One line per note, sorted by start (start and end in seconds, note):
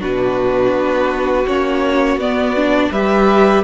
0.00 0.73 B2
0.00 1.45 D4
0.00 2.90 F#4
0.00 1.47 B4
0.73 1.46 B3
1.47 2.17 A#3
1.47 2.20 C#4
1.47 2.19 C#5
2.17 2.89 B3
2.17 2.57 B3
2.17 2.92 D5
2.57 2.93 D4
2.91 3.64 G3
2.91 3.64 G4
2.91 3.64 B4
2.91 3.64 E5